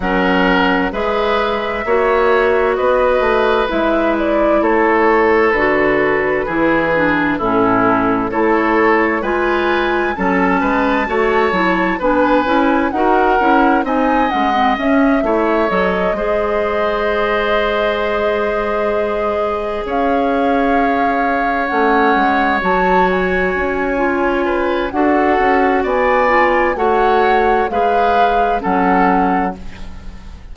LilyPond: <<
  \new Staff \with { instrumentName = "flute" } { \time 4/4 \tempo 4 = 65 fis''4 e''2 dis''4 | e''8 d''8 cis''4 b'2 | a'4 cis''4 gis''4 a''4~ | a''4 gis''4 fis''4 gis''8 fis''8 |
e''4 dis''2.~ | dis''4. f''2 fis''8~ | fis''8 a''8 gis''2 fis''4 | gis''4 fis''4 f''4 fis''4 | }
  \new Staff \with { instrumentName = "oboe" } { \time 4/4 ais'4 b'4 cis''4 b'4~ | b'4 a'2 gis'4 | e'4 a'4 b'4 a'8 b'8 | cis''4 b'4 ais'4 dis''4~ |
dis''8 cis''4 c''2~ c''8~ | c''4. cis''2~ cis''8~ | cis''2~ cis''8 b'8 a'4 | d''4 cis''4 b'4 a'4 | }
  \new Staff \with { instrumentName = "clarinet" } { \time 4/4 cis'4 gis'4 fis'2 | e'2 fis'4 e'8 d'8 | cis'4 e'4 f'4 cis'4 | fis'8 e'8 d'8 e'8 fis'8 e'8 dis'8 cis'16 c'16 |
cis'8 e'8 a'8 gis'2~ gis'8~ | gis'2.~ gis'8 cis'8~ | cis'8 fis'4. f'4 fis'4~ | fis'8 f'8 fis'4 gis'4 cis'4 | }
  \new Staff \with { instrumentName = "bassoon" } { \time 4/4 fis4 gis4 ais4 b8 a8 | gis4 a4 d4 e4 | a,4 a4 gis4 fis8 gis8 | a8 fis8 b8 cis'8 dis'8 cis'8 c'8 gis8 |
cis'8 a8 fis8 gis2~ gis8~ | gis4. cis'2 a8 | gis8 fis4 cis'4. d'8 cis'8 | b4 a4 gis4 fis4 | }
>>